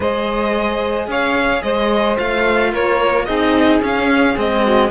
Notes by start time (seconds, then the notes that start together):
0.00 G#3 G#4 C5 D#5
1.07 C#4 C#5 F5
1.62 G#3 C5 D#5
2.17 A3 F4 F5
2.71 A#3 A#4 C#5
3.25 C4 D#4 G#4 D#5
3.79 C#4 F5
4.36 G#3 C4 D#5
4.63 F#4